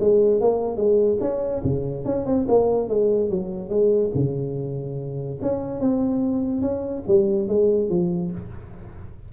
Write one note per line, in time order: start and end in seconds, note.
0.00 0.41 G#3
0.41 0.77 A#3
0.77 1.18 G#3
1.21 1.62 C#4
1.64 2.05 C#3
2.05 2.26 C#4
2.26 2.47 C4
2.48 2.89 A#3
2.89 3.30 G#3
3.30 3.70 F#3
3.70 4.11 G#3
4.15 5.40 C#3
5.42 5.80 C#4
5.80 6.61 C4
6.61 7.03 C#4
7.07 7.48 G3
7.48 7.90 G#3
7.90 8.31 F3